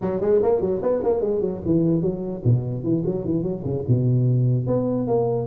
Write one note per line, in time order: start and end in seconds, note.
0.01 0.20 F#3
0.20 0.41 G#3
0.42 0.60 A#3
0.60 0.81 F#3
0.82 1.02 B3
1.03 1.21 A#3
1.21 1.40 G#3
1.40 1.61 F#3
1.65 2.01 E3
2.01 2.42 F#3
2.44 2.83 B2
2.83 3.03 E3
3.05 3.24 F#3
3.24 3.43 E3
3.43 3.63 F#3
3.64 3.84 C#3
3.88 4.66 B2
4.66 5.07 B3
5.07 5.47 A#3